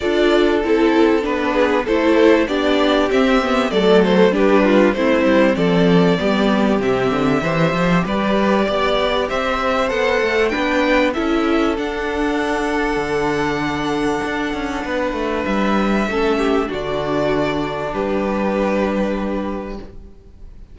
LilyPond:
<<
  \new Staff \with { instrumentName = "violin" } { \time 4/4 \tempo 4 = 97 d''4 a'4 b'4 c''4 | d''4 e''4 d''8 c''8 b'4 | c''4 d''2 e''4~ | e''4 d''2 e''4 |
fis''4 g''4 e''4 fis''4~ | fis''1~ | fis''4 e''2 d''4~ | d''4 b'2. | }
  \new Staff \with { instrumentName = "violin" } { \time 4/4 a'2~ a'8 gis'8 a'4 | g'2 a'4 g'8 f'8 | e'4 a'4 g'2 | c''4 b'4 d''4 c''4~ |
c''4 b'4 a'2~ | a'1 | b'2 a'8 g'8 fis'4~ | fis'4 g'2. | }
  \new Staff \with { instrumentName = "viola" } { \time 4/4 f'4 e'4 d'4 e'4 | d'4 c'8 b8 a4 d'4 | c'2 b4 c'4 | g'1 |
a'4 d'4 e'4 d'4~ | d'1~ | d'2 cis'4 d'4~ | d'1 | }
  \new Staff \with { instrumentName = "cello" } { \time 4/4 d'4 c'4 b4 a4 | b4 c'4 fis4 g4 | a8 g8 f4 g4 c8 d8 | e8 f8 g4 b4 c'4 |
b8 a8 b4 cis'4 d'4~ | d'4 d2 d'8 cis'8 | b8 a8 g4 a4 d4~ | d4 g2. | }
>>